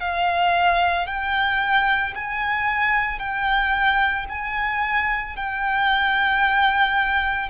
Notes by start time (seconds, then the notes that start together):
0.00 F5
1.07 G5
2.15 G#5
3.19 G5
4.29 G#5
5.36 G5